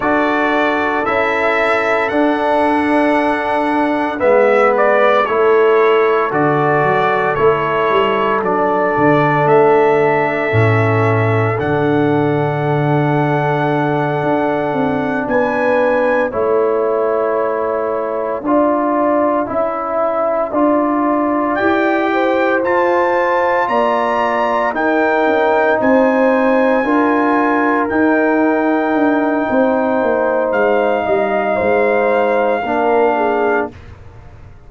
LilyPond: <<
  \new Staff \with { instrumentName = "trumpet" } { \time 4/4 \tempo 4 = 57 d''4 e''4 fis''2 | e''8 d''8 cis''4 d''4 cis''4 | d''4 e''2 fis''4~ | fis''2~ fis''8 gis''4 a''8~ |
a''1~ | a''8 g''4 a''4 ais''4 g''8~ | g''8 gis''2 g''4.~ | g''4 f''2. | }
  \new Staff \with { instrumentName = "horn" } { \time 4/4 a'1 | b'4 a'2.~ | a'1~ | a'2~ a'8 b'4 cis''8~ |
cis''4. d''4 e''4 d''8~ | d''4 c''4. d''4 ais'8~ | ais'8 c''4 ais'2~ ais'8 | c''4. dis''8 c''4 ais'8 gis'8 | }
  \new Staff \with { instrumentName = "trombone" } { \time 4/4 fis'4 e'4 d'2 | b4 e'4 fis'4 e'4 | d'2 cis'4 d'4~ | d'2.~ d'8 e'8~ |
e'4. f'4 e'4 f'8~ | f'8 g'4 f'2 dis'8~ | dis'4. f'4 dis'4.~ | dis'2. d'4 | }
  \new Staff \with { instrumentName = "tuba" } { \time 4/4 d'4 cis'4 d'2 | gis4 a4 d8 fis8 a8 g8 | fis8 d8 a4 a,4 d4~ | d4. d'8 c'8 b4 a8~ |
a4. d'4 cis'4 d'8~ | d'8 e'4 f'4 ais4 dis'8 | cis'8 c'4 d'4 dis'4 d'8 | c'8 ais8 gis8 g8 gis4 ais4 | }
>>